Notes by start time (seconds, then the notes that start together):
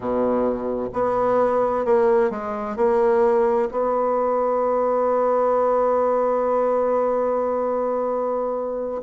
0.00 B2
0.93 B3
1.85 A#3
2.30 G#3
2.76 A#3
3.71 B3